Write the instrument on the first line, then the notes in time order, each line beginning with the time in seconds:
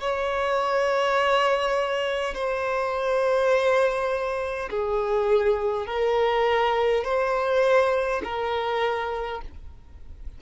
violin
0.00 C#5
2.34 C5
4.70 G#4
5.87 A#4
7.04 C5
8.24 A#4